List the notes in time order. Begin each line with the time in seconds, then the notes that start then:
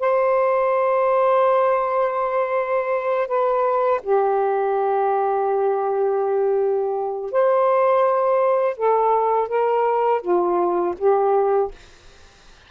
0.00 C5
3.28 B4
4.03 G4
7.32 C5
8.78 A4
9.49 A#4
10.22 F4
10.99 G4